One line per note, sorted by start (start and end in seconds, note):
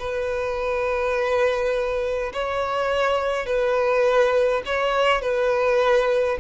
0.00 2.33 B4
2.34 3.46 C#5
3.46 4.63 B4
4.66 5.22 C#5
5.22 6.39 B4